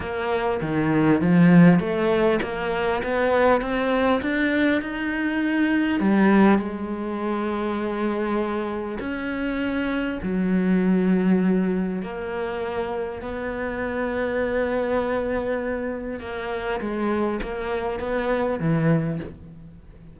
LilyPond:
\new Staff \with { instrumentName = "cello" } { \time 4/4 \tempo 4 = 100 ais4 dis4 f4 a4 | ais4 b4 c'4 d'4 | dis'2 g4 gis4~ | gis2. cis'4~ |
cis'4 fis2. | ais2 b2~ | b2. ais4 | gis4 ais4 b4 e4 | }